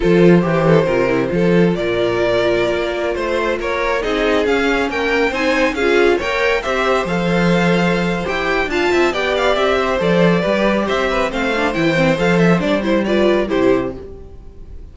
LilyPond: <<
  \new Staff \with { instrumentName = "violin" } { \time 4/4 \tempo 4 = 138 c''1 | d''2.~ d''16 c''8.~ | c''16 cis''4 dis''4 f''4 g''8.~ | g''16 gis''4 f''4 g''4 e''8.~ |
e''16 f''2~ f''8. g''4 | a''4 g''8 f''8 e''4 d''4~ | d''4 e''4 f''4 g''4 | f''8 e''8 d''8 c''8 d''4 c''4 | }
  \new Staff \with { instrumentName = "violin" } { \time 4/4 a'4 g'8 a'8 ais'4 a'4 | ais'2.~ ais'16 c''8.~ | c''16 ais'4 gis'2 ais'8.~ | ais'16 c''4 gis'4 cis''4 c''8.~ |
c''1 | f''8 e''8 d''4. c''4. | b'4 c''8 b'8 c''2~ | c''2 b'4 g'4 | }
  \new Staff \with { instrumentName = "viola" } { \time 4/4 f'4 g'4 f'8 e'8 f'4~ | f'1~ | f'4~ f'16 dis'4 cis'4.~ cis'16~ | cis'16 dis'4 f'4 ais'4 g'8.~ |
g'16 a'2~ a'8. g'4 | f'4 g'2 a'4 | g'2 c'8 d'8 e'8 c'8 | a'4 d'8 e'8 f'4 e'4 | }
  \new Staff \with { instrumentName = "cello" } { \time 4/4 f4 e4 c4 f4 | ais,2~ ais,16 ais4 a8.~ | a16 ais4 c'4 cis'4 ais8.~ | ais16 c'4 cis'4 ais4 c'8.~ |
c'16 f2~ f8. e'4 | d'8 c'8 b4 c'4 f4 | g4 c'4 a4 e4 | f4 g2 c4 | }
>>